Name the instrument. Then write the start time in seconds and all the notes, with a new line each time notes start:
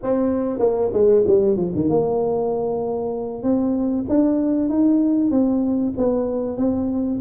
tuba
0.02 C4
0.59 A#3
0.93 G#3
1.27 G3
1.56 F3
1.74 D#3
1.89 A#3
3.42 C4
4.09 D4
4.69 D#4
5.30 C4
5.97 B3
6.57 C4